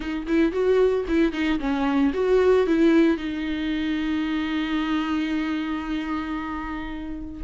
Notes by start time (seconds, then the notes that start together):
0.00 D#4
0.27 E4
0.52 F#4
1.07 E4
1.32 D#4
1.59 C#4
2.13 F#4
2.66 E4
3.17 D#4